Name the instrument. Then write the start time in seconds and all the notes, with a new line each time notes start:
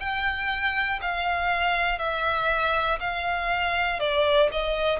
violin
0.00 G5
1.02 F5
2.00 E5
3.00 F5
4.00 D5
4.52 D#5